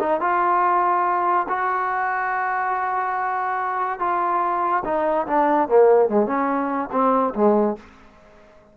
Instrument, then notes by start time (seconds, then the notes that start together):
trombone
0.00 D#4
0.21 F4
1.49 F#4
4.00 F4
4.85 D#4
5.27 D4
5.69 A#3
6.09 G#3
6.27 C#4
6.92 C4
7.35 G#3